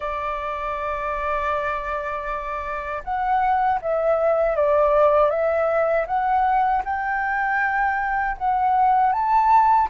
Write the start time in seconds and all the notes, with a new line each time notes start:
0.00 D5
3.03 F#5
3.81 E5
4.56 D5
5.30 E5
6.06 F#5
6.85 G5
8.38 F#5
9.12 A5